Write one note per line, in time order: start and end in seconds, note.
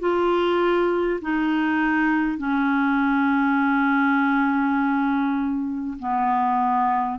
0.00 1.20 F4
1.22 2.38 D#4
2.38 5.98 C#4
5.99 7.19 B3